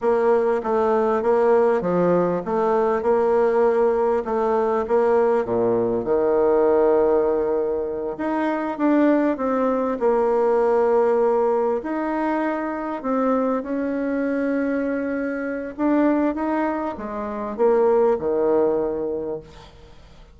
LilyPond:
\new Staff \with { instrumentName = "bassoon" } { \time 4/4 \tempo 4 = 99 ais4 a4 ais4 f4 | a4 ais2 a4 | ais4 ais,4 dis2~ | dis4. dis'4 d'4 c'8~ |
c'8 ais2. dis'8~ | dis'4. c'4 cis'4.~ | cis'2 d'4 dis'4 | gis4 ais4 dis2 | }